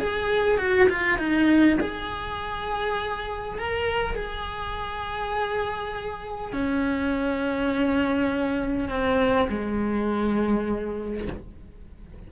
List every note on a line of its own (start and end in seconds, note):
0.00 0.58 G#4
0.58 0.88 F#4
0.89 1.19 F4
1.19 1.78 D#4
1.81 3.58 G#4
3.58 4.16 A#4
4.16 6.53 G#4
6.53 8.89 C#4
8.89 9.48 C4
9.49 11.28 G#3